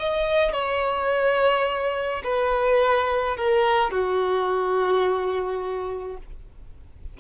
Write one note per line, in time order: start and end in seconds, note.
0.00 0.53 D#5
0.53 2.23 C#5
2.24 3.37 B4
3.37 3.92 A#4
3.92 6.18 F#4